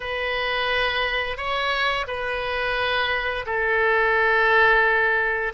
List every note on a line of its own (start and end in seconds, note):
0.00 1.37 B4
1.37 2.06 C#5
2.07 3.45 B4
3.45 5.52 A4